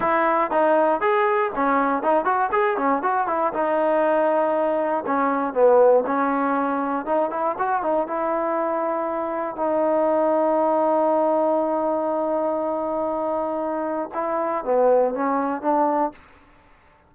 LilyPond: \new Staff \with { instrumentName = "trombone" } { \time 4/4 \tempo 4 = 119 e'4 dis'4 gis'4 cis'4 | dis'8 fis'8 gis'8 cis'8 fis'8 e'8 dis'4~ | dis'2 cis'4 b4 | cis'2 dis'8 e'8 fis'8 dis'8 |
e'2. dis'4~ | dis'1~ | dis'1 | e'4 b4 cis'4 d'4 | }